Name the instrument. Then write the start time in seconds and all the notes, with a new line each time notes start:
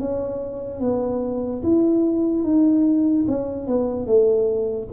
tuba
0.00 C#4
0.81 B3
1.64 E4
2.44 D#4
3.28 C#4
3.68 B3
4.07 A3